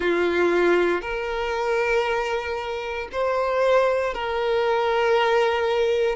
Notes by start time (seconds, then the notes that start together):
0.00 F4
1.01 A#4
3.11 C5
4.14 A#4